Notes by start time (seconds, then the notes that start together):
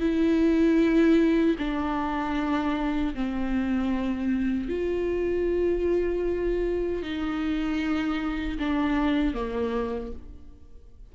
0.00 E4
1.58 D4
3.15 C4
4.69 F4
7.02 D#4
8.59 D4
9.34 A#3